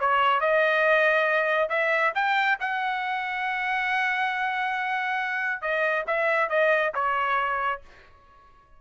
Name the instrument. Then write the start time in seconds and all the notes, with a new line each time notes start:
trumpet
0.00 C#5
0.41 D#5
1.69 E5
2.15 G5
2.60 F#5
5.61 D#5
6.07 E5
6.49 D#5
6.94 C#5